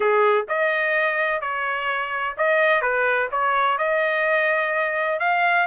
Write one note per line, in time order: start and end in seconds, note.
0.00 0.46 G#4
0.48 1.41 D#5
1.41 2.35 C#5
2.37 2.81 D#5
2.81 3.29 B4
3.31 3.78 C#5
3.78 5.19 D#5
5.19 5.66 F5